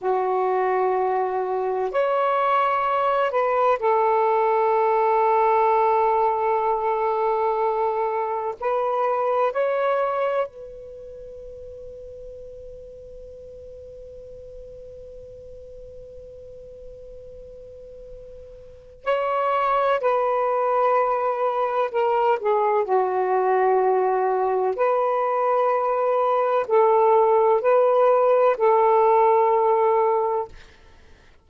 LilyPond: \new Staff \with { instrumentName = "saxophone" } { \time 4/4 \tempo 4 = 63 fis'2 cis''4. b'8 | a'1~ | a'4 b'4 cis''4 b'4~ | b'1~ |
b'1 | cis''4 b'2 ais'8 gis'8 | fis'2 b'2 | a'4 b'4 a'2 | }